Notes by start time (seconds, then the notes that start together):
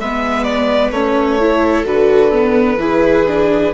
0.00 G#3 B3 B4 E5
0.44 D5
0.91 A3 C#4 C#5
1.40 E4 A4
1.85 D3 F#4 B4
2.32 B3
2.77 E3 E4 G#4
3.27 D4